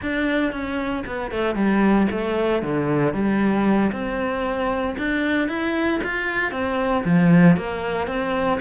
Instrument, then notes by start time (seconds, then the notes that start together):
cello
0.01 D4
0.51 C#4
1.06 B3
1.31 A3
1.55 G3
2.11 A3
2.62 D3
3.13 G3
3.92 C4
4.98 D4
5.48 E4
6.03 F4
6.51 C4
7.04 F3
7.56 A#3
8.07 C4